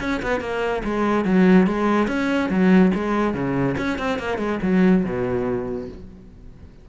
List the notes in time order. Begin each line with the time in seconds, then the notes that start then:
0.00 C#4
0.22 B3
0.40 A#3
0.84 G#3
1.25 F#3
1.67 G#3
2.08 C#4
2.49 F#3
2.94 G#3
3.34 C#3
3.77 C#4
3.98 C4
4.18 A#3
4.38 G#3
4.62 F#3
5.04 B2